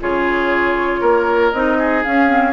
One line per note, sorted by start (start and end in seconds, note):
0.00 1.01 C#3
0.00 1.53 F4
0.00 1.00 G#4
0.00 1.51 C#5
1.00 1.52 A#3
1.00 1.77 A#4
1.51 2.04 C4
1.51 2.05 D#4
1.51 2.02 D#5
1.78 2.52 G#4
2.03 2.26 C#4
2.03 2.52 C#4
2.03 2.52 F5
2.26 2.52 C4